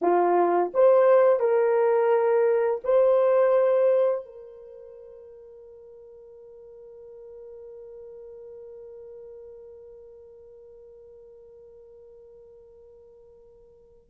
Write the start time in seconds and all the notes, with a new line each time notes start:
0.01 F4
0.73 C5
1.39 A#4
2.84 C5
4.25 A#4